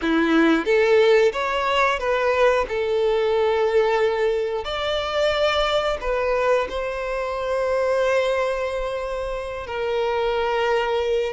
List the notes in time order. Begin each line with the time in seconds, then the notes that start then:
0.01 E4
0.65 A4
1.32 C#5
1.98 B4
2.68 A4
4.64 D5
6.01 B4
6.69 C5
9.66 A#4